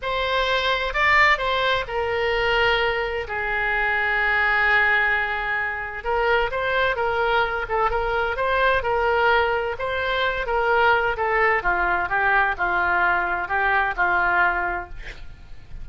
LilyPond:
\new Staff \with { instrumentName = "oboe" } { \time 4/4 \tempo 4 = 129 c''2 d''4 c''4 | ais'2. gis'4~ | gis'1~ | gis'4 ais'4 c''4 ais'4~ |
ais'8 a'8 ais'4 c''4 ais'4~ | ais'4 c''4. ais'4. | a'4 f'4 g'4 f'4~ | f'4 g'4 f'2 | }